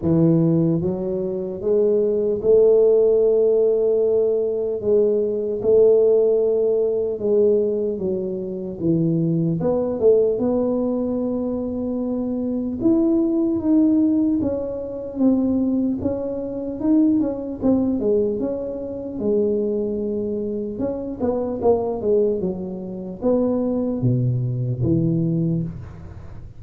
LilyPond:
\new Staff \with { instrumentName = "tuba" } { \time 4/4 \tempo 4 = 75 e4 fis4 gis4 a4~ | a2 gis4 a4~ | a4 gis4 fis4 e4 | b8 a8 b2. |
e'4 dis'4 cis'4 c'4 | cis'4 dis'8 cis'8 c'8 gis8 cis'4 | gis2 cis'8 b8 ais8 gis8 | fis4 b4 b,4 e4 | }